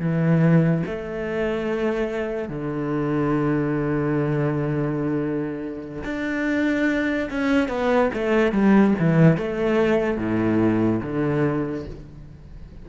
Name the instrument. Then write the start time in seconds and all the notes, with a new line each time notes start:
cello
0.00 E3
0.86 A3
2.49 D3
6.05 D4
7.31 C#4
7.69 B3
8.14 A3
8.53 G3
9.00 E3
9.37 A3
10.17 A2
11.03 D3